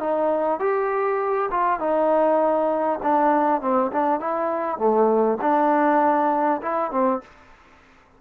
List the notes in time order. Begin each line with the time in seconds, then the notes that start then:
0.00 D#4
0.60 G4
1.51 F4
1.79 D#4
3.03 D4
3.61 C4
3.92 D4
4.20 E4
4.78 A3
5.42 D4
6.62 E4
6.91 C4